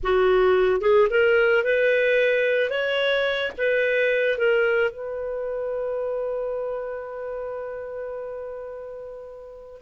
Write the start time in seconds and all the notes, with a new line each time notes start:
0.03 F#4
0.80 G#4
1.09 A#4
1.64 B4
2.70 C#5
3.57 B4
4.38 A#4
4.91 B4